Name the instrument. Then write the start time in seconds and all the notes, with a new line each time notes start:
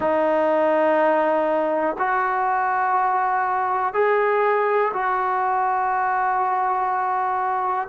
trombone
0.00 D#4
1.98 F#4
3.93 G#4
4.93 F#4